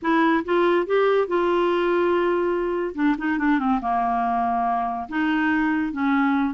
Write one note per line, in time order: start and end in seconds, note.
0.02 0.44 E4
0.44 0.86 F4
0.86 1.27 G4
1.27 2.94 F4
2.94 3.15 D4
3.18 3.38 D#4
3.38 3.59 D4
3.59 3.80 C4
3.81 5.08 A#3
5.09 5.92 D#4
5.92 6.54 C#4